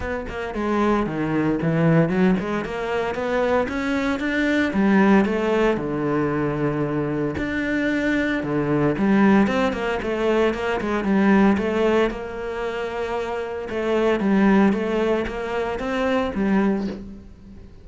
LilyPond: \new Staff \with { instrumentName = "cello" } { \time 4/4 \tempo 4 = 114 b8 ais8 gis4 dis4 e4 | fis8 gis8 ais4 b4 cis'4 | d'4 g4 a4 d4~ | d2 d'2 |
d4 g4 c'8 ais8 a4 | ais8 gis8 g4 a4 ais4~ | ais2 a4 g4 | a4 ais4 c'4 g4 | }